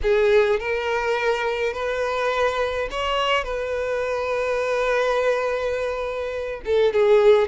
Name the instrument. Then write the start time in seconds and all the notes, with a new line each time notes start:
violin
0.02 G#4
0.59 A#4
1.73 B4
2.90 C#5
3.44 B4
6.65 A4
6.93 G#4